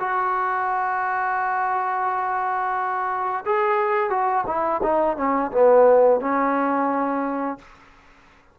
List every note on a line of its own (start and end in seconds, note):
0.00 3.45 F#4
3.46 4.10 G#4
4.10 4.45 F#4
4.47 4.82 E4
4.83 5.17 D#4
5.17 5.51 C#4
5.52 6.21 B3
6.21 7.59 C#4